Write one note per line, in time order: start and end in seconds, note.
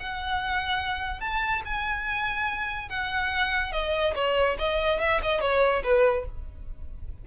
0.00 1.20 F#5
1.20 1.62 A5
1.65 2.89 G#5
2.89 3.72 F#5
3.72 4.14 D#5
4.15 4.57 C#5
4.59 5.00 D#5
5.00 5.21 E5
5.23 5.41 D#5
5.41 5.83 C#5
5.83 6.25 B4